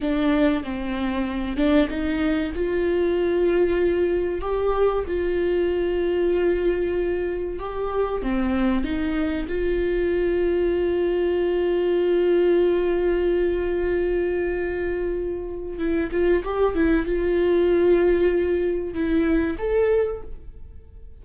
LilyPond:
\new Staff \with { instrumentName = "viola" } { \time 4/4 \tempo 4 = 95 d'4 c'4. d'8 dis'4 | f'2. g'4 | f'1 | g'4 c'4 dis'4 f'4~ |
f'1~ | f'1~ | f'4 e'8 f'8 g'8 e'8 f'4~ | f'2 e'4 a'4 | }